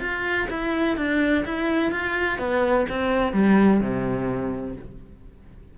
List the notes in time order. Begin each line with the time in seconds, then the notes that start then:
0.00 F4
0.50 E4
0.97 D4
1.45 E4
1.92 F4
2.39 B3
2.89 C4
3.33 G3
3.81 C3